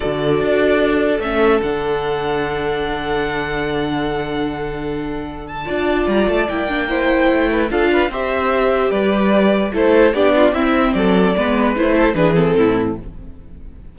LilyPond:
<<
  \new Staff \with { instrumentName = "violin" } { \time 4/4 \tempo 4 = 148 d''2. e''4 | fis''1~ | fis''1~ | fis''4. a''4. ais''8 a''8 |
g''2. f''4 | e''2 d''2 | c''4 d''4 e''4 d''4~ | d''4 c''4 b'8 a'4. | }
  \new Staff \with { instrumentName = "violin" } { \time 4/4 a'1~ | a'1~ | a'1~ | a'2 d''2~ |
d''4 c''4. b'8 a'8 b'8 | c''2 b'2 | a'4 g'8 f'8 e'4 a'4 | b'4. a'8 gis'4 e'4 | }
  \new Staff \with { instrumentName = "viola" } { \time 4/4 fis'2. cis'4 | d'1~ | d'1~ | d'2 f'2 |
e'8 d'8 e'2 f'4 | g'1 | e'4 d'4 c'2 | b4 e'4 d'8 c'4. | }
  \new Staff \with { instrumentName = "cello" } { \time 4/4 d4 d'2 a4 | d1~ | d1~ | d2 d'4 g8 a8 |
ais2 a4 d'4 | c'2 g2 | a4 b4 c'4 fis4 | gis4 a4 e4 a,4 | }
>>